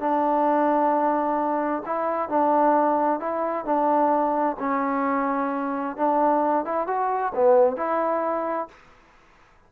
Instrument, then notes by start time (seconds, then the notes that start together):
trombone
0.00 D4
1.86 E4
2.29 D4
3.20 E4
3.65 D4
4.59 C#4
5.97 D4
6.65 E4
6.87 F#4
7.35 B3
7.77 E4